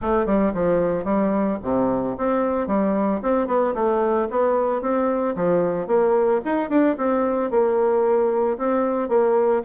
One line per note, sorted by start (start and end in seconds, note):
0.01 0.26 A3
0.26 0.52 G3
0.53 1.04 F3
1.04 1.58 G3
1.62 2.16 C3
2.17 2.67 C4
2.67 3.20 G3
3.22 3.47 C4
3.47 3.74 B3
3.74 4.27 A3
4.30 4.81 B3
4.81 5.35 C4
5.35 5.87 F3
5.87 6.40 A#3
6.44 6.69 D#4
6.69 6.96 D4
6.97 7.50 C4
7.50 8.57 A#3
8.58 9.09 C4
9.09 9.62 A#3